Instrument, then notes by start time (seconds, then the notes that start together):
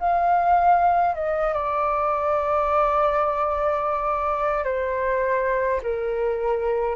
flute
0.00 F5
1.15 D#5
1.54 D5
4.64 C5
5.83 A#4